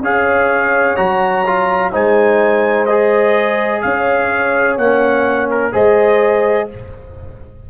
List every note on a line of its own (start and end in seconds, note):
0.00 0.95 C#4
0.00 0.97 G#4
0.00 1.92 C#5
0.00 0.96 F5
0.96 1.93 F#3
0.96 1.44 F#4
0.96 1.91 A#5
1.47 1.92 F4
1.92 3.84 G#3
1.92 2.87 D#4
1.92 3.82 C5
1.92 2.86 G#5
2.86 4.80 G#4
2.86 3.81 D#5
3.82 4.78 C#4
3.82 5.73 C#5
3.82 4.77 F5
4.78 5.73 A#3
4.78 5.72 C#4
4.78 5.49 F#5
5.51 5.74 A#4
5.72 6.70 G#3
5.72 6.67 G#4
5.72 6.68 C5
5.72 6.70 D#5